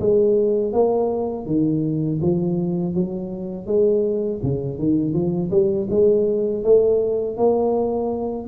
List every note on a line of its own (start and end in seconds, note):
0.00 0.73 G#3
0.73 1.46 A#3
1.46 2.20 D#3
2.22 2.94 F3
2.94 3.67 F#3
3.67 4.41 G#3
4.43 4.79 C#3
4.79 5.13 D#3
5.13 5.51 F3
5.51 5.88 G3
5.90 6.64 G#3
6.64 7.37 A3
7.37 8.48 A#3